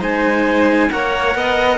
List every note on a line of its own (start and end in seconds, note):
0.00 0.90 G#3
0.00 0.90 D#4
0.00 0.90 C5
0.00 0.91 G#5
0.90 1.35 A#3
0.90 1.78 A#4
0.90 1.37 C#5
0.90 1.78 F#5
1.35 1.78 B3
1.35 1.78 D#5